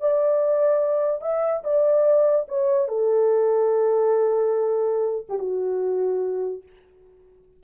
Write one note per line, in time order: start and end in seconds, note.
0.00 1.21 D5
1.21 1.63 E5
1.63 2.46 D5
2.48 2.88 C#5
2.88 5.26 A4
5.29 5.38 G4
5.38 6.63 F#4